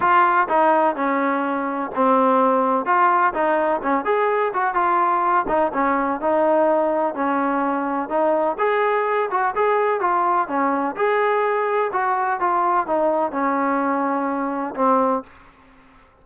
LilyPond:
\new Staff \with { instrumentName = "trombone" } { \time 4/4 \tempo 4 = 126 f'4 dis'4 cis'2 | c'2 f'4 dis'4 | cis'8 gis'4 fis'8 f'4. dis'8 | cis'4 dis'2 cis'4~ |
cis'4 dis'4 gis'4. fis'8 | gis'4 f'4 cis'4 gis'4~ | gis'4 fis'4 f'4 dis'4 | cis'2. c'4 | }